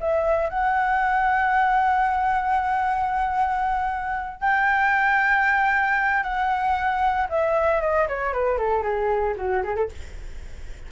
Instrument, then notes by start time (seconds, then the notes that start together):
flute
0.00 E5
0.49 F#5
4.40 G5
6.23 F#5
7.29 E5
7.81 D#5
8.08 C#5
8.33 B4
8.58 A4
8.82 G#4
9.37 F#4
9.63 G#4
9.76 A4